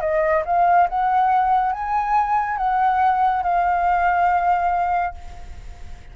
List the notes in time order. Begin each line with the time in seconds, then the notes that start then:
0.00 D#5
0.45 F5
0.89 F#5
1.72 G#5
2.57 F#5
3.43 F5